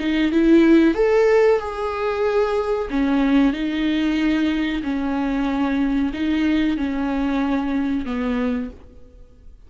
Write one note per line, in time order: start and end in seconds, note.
0.00 0.32 D#4
0.32 0.95 E4
0.95 1.60 A4
1.60 2.89 G#4
2.91 3.53 C#4
3.53 4.82 D#4
4.83 6.12 C#4
6.14 6.78 D#4
6.78 8.06 C#4
8.06 8.70 B3